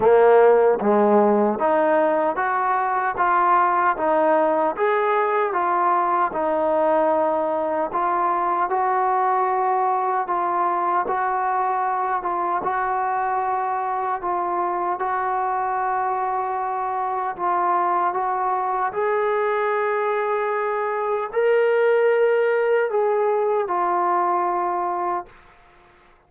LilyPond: \new Staff \with { instrumentName = "trombone" } { \time 4/4 \tempo 4 = 76 ais4 gis4 dis'4 fis'4 | f'4 dis'4 gis'4 f'4 | dis'2 f'4 fis'4~ | fis'4 f'4 fis'4. f'8 |
fis'2 f'4 fis'4~ | fis'2 f'4 fis'4 | gis'2. ais'4~ | ais'4 gis'4 f'2 | }